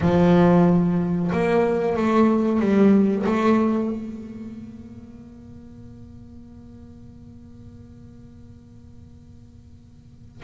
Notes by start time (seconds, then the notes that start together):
0.00 F3
1.32 A#3
1.96 A3
2.60 G3
3.25 A3
3.90 A#3